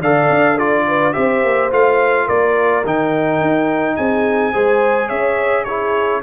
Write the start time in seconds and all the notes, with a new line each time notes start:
0.00 D3 A4 D5 F5
0.29 D4
0.54 F4 A4 D5
0.87 B4
1.13 C4 G4 C5 E5
1.43 A#3
1.70 A3 F4 F5
2.25 A#3 A#4 D5
2.85 D#3 D#4 G5
3.40 D#4
3.96 C4 G#4 G#5
4.53 G#3 G#4 C5
5.07 C#4 C#5 E5
5.64 E4 G#4 C#5